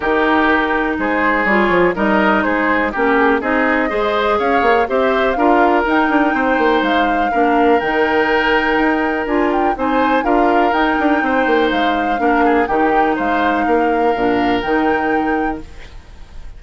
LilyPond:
<<
  \new Staff \with { instrumentName = "flute" } { \time 4/4 \tempo 4 = 123 ais'2 c''4 cis''4 | dis''4 c''4 ais'8 gis'8 dis''4~ | dis''4 f''4 e''4 f''4 | g''2 f''2 |
g''2. gis''8 g''8 | gis''4 f''4 g''2 | f''2 g''4 f''4~ | f''2 g''2 | }
  \new Staff \with { instrumentName = "oboe" } { \time 4/4 g'2 gis'2 | ais'4 gis'4 g'4 gis'4 | c''4 cis''4 c''4 ais'4~ | ais'4 c''2 ais'4~ |
ais'1 | c''4 ais'2 c''4~ | c''4 ais'8 gis'8 g'4 c''4 | ais'1 | }
  \new Staff \with { instrumentName = "clarinet" } { \time 4/4 dis'2. f'4 | dis'2 cis'4 dis'4 | gis'2 g'4 f'4 | dis'2. d'4 |
dis'2. f'4 | dis'4 f'4 dis'2~ | dis'4 d'4 dis'2~ | dis'4 d'4 dis'2 | }
  \new Staff \with { instrumentName = "bassoon" } { \time 4/4 dis2 gis4 g8 f8 | g4 gis4 ais4 c'4 | gis4 cis'8 ais8 c'4 d'4 | dis'8 d'8 c'8 ais8 gis4 ais4 |
dis2 dis'4 d'4 | c'4 d'4 dis'8 d'8 c'8 ais8 | gis4 ais4 dis4 gis4 | ais4 ais,4 dis2 | }
>>